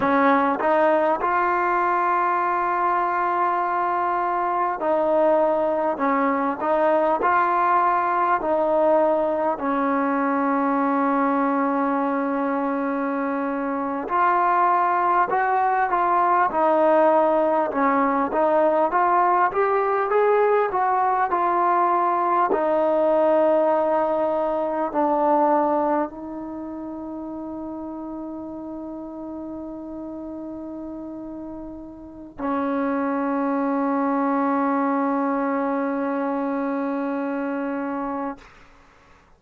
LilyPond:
\new Staff \with { instrumentName = "trombone" } { \time 4/4 \tempo 4 = 50 cis'8 dis'8 f'2. | dis'4 cis'8 dis'8 f'4 dis'4 | cis'2.~ cis'8. f'16~ | f'8. fis'8 f'8 dis'4 cis'8 dis'8 f'16~ |
f'16 g'8 gis'8 fis'8 f'4 dis'4~ dis'16~ | dis'8. d'4 dis'2~ dis'16~ | dis'2. cis'4~ | cis'1 | }